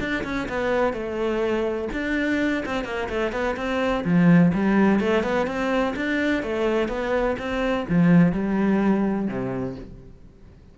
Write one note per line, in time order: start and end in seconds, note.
0.00 0.24 D4
0.24 0.48 C#4
0.49 0.93 B3
0.93 1.89 A3
1.93 2.64 D4
2.66 2.84 C4
2.84 3.08 A#3
3.09 3.32 A3
3.32 3.56 B3
3.56 4.04 C4
4.04 4.52 F3
4.54 5.00 G3
5.00 5.23 A3
5.23 5.47 B3
5.47 5.94 C4
5.96 6.43 D4
6.43 6.88 A3
6.88 7.36 B3
7.39 7.86 C4
7.89 8.32 F3
8.32 9.28 G3
9.28 9.75 C3